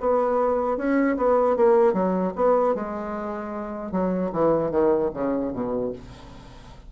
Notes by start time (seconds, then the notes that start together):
0.00 B3
0.77 C#4
1.17 B3
1.56 A#3
1.93 F#3
2.36 B3
2.75 G#3
3.92 F#3
4.32 E3
4.70 D#3
5.14 C#3
5.53 B2